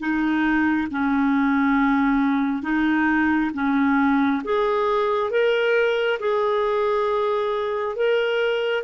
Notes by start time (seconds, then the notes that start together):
0.00 D#4
0.91 C#4
2.63 D#4
3.54 C#4
4.44 G#4
5.31 A#4
6.20 G#4
7.96 A#4